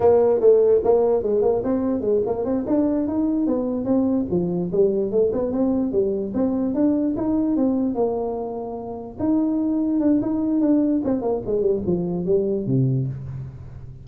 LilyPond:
\new Staff \with { instrumentName = "tuba" } { \time 4/4 \tempo 4 = 147 ais4 a4 ais4 gis8 ais8 | c'4 gis8 ais8 c'8 d'4 dis'8~ | dis'8 b4 c'4 f4 g8~ | g8 a8 b8 c'4 g4 c'8~ |
c'8 d'4 dis'4 c'4 ais8~ | ais2~ ais8 dis'4.~ | dis'8 d'8 dis'4 d'4 c'8 ais8 | gis8 g8 f4 g4 c4 | }